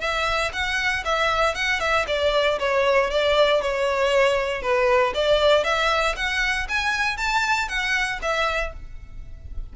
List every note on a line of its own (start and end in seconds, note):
0.00 0.51 E5
0.53 1.04 F#5
1.05 1.54 E5
1.54 1.80 F#5
1.80 2.06 E5
2.07 2.59 D5
2.59 3.10 C#5
3.10 3.61 D5
3.62 4.62 C#5
4.62 5.13 B4
5.14 5.64 D5
5.64 6.15 E5
6.16 6.67 F#5
6.69 7.17 G#5
7.17 7.68 A5
7.68 8.19 F#5
8.22 8.73 E5